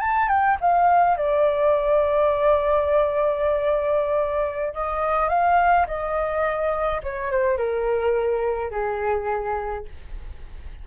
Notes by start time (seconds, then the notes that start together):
0.00 A5
0.29 G5
0.61 F5
1.17 D5
4.74 D#5
5.29 F5
5.87 D#5
7.03 C#5
7.31 C5
7.58 A#4
8.71 G#4